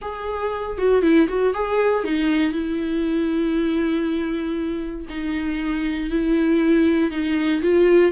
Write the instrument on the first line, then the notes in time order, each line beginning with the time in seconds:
viola
0.01 G#4
0.78 F#4
1.02 E4
1.28 F#4
1.54 G#4
2.03 D#4
2.52 E4
5.09 D#4
6.10 E4
7.10 D#4
7.62 F4